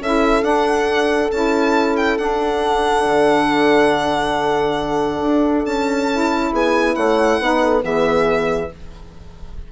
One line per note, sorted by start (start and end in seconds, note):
0.00 0.43 C#4
0.00 0.42 E4
0.00 6.52 A4
0.00 0.44 E5
0.42 1.29 D4
0.42 1.30 D4
0.42 1.31 F#5
1.31 2.19 C#4
1.31 2.18 E4
1.31 1.97 A5
1.97 2.18 G5
2.18 6.10 D4
2.18 3.05 D4
2.18 5.66 F#5
3.05 5.21 D3
5.21 5.65 D4
5.66 6.52 C#4
5.66 6.53 A5
6.12 7.42 E4
6.52 6.96 B3
6.52 6.96 G#4
6.52 6.95 G#5
6.95 7.40 A3
6.95 7.40 C#5
6.95 7.82 F#5
7.40 7.84 B3
7.40 7.82 D#4
7.40 7.62 B4
7.63 7.84 A4
7.82 8.71 E3
7.82 8.69 B3
7.82 8.71 G#4
7.82 8.72 E5